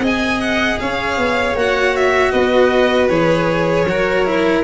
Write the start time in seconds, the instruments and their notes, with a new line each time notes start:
0.00 tuba C4, cello G#4, violin D#5
0.07 violin G#5
0.41 violin F#5
0.80 tuba C#4, violin C#5 F5
1.18 tuba B3
1.55 tuba A#3, cello F#4, violin F#5
1.97 violin E5
2.32 tuba B3, violin B4 D#5
3.09 tuba E3, cello G#4, violin C#5
3.84 tuba F#3, cello F#4, violin A#4
4.26 cello E4